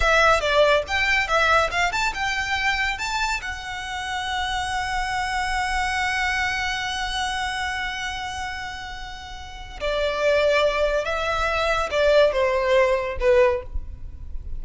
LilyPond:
\new Staff \with { instrumentName = "violin" } { \time 4/4 \tempo 4 = 141 e''4 d''4 g''4 e''4 | f''8 a''8 g''2 a''4 | fis''1~ | fis''1~ |
fis''1~ | fis''2. d''4~ | d''2 e''2 | d''4 c''2 b'4 | }